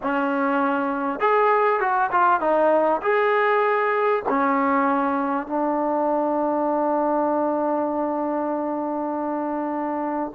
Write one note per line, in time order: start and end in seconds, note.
0.02 1.20 C#4
1.20 1.80 G#4
1.80 2.10 F#4
2.11 2.40 F4
2.40 3.01 D#4
3.02 4.23 G#4
4.28 5.47 C#4
5.47 10.31 D4